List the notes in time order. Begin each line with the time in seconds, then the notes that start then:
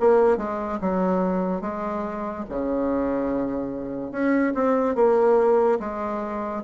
0.00 A#3
0.37 G#3
0.81 F#3
1.61 G#3
2.49 C#3
4.11 C#4
4.55 C4
4.95 A#3
5.80 G#3